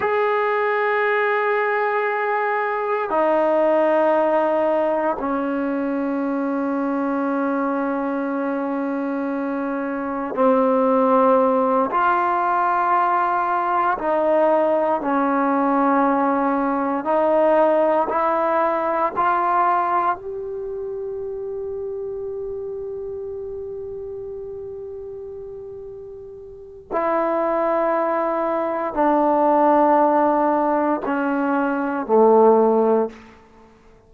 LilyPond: \new Staff \with { instrumentName = "trombone" } { \time 4/4 \tempo 4 = 58 gis'2. dis'4~ | dis'4 cis'2.~ | cis'2 c'4. f'8~ | f'4. dis'4 cis'4.~ |
cis'8 dis'4 e'4 f'4 g'8~ | g'1~ | g'2 e'2 | d'2 cis'4 a4 | }